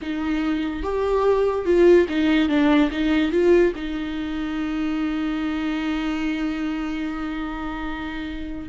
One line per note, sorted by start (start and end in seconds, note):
0.01 0.82 D#4
0.82 1.65 G4
1.65 2.06 F4
2.08 2.48 D#4
2.48 2.90 D4
2.91 3.31 D#4
3.31 3.72 F4
3.75 8.69 D#4